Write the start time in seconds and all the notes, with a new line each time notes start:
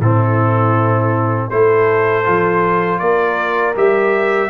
0.00 A2 C4 E4 A4
1.50 A3 E4 A4 C5
2.25 F3 F4
3.00 A#3 A#4 D5
3.76 G3 G4 E5